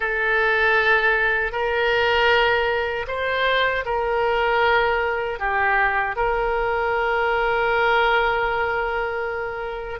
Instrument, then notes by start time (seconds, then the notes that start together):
oboe
0.00 A4
1.52 A#4
3.07 C5
3.85 A#4
5.38 G4
6.15 A#4